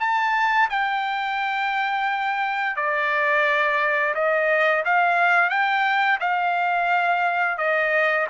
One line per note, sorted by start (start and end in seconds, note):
0.00 0.69 A5
0.70 2.76 G5
2.76 4.14 D5
4.15 4.84 D#5
4.85 5.50 F5
5.50 6.19 G5
6.21 7.58 F5
7.58 8.27 D#5